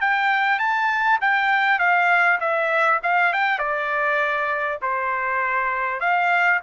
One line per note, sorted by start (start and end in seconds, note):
0.00 0.59 G5
0.59 1.19 A5
1.21 1.79 G5
1.79 2.39 F5
2.40 3.00 E5
3.03 3.33 F5
3.33 3.58 G5
3.58 4.78 D5
4.81 6.00 C5
6.00 6.60 F5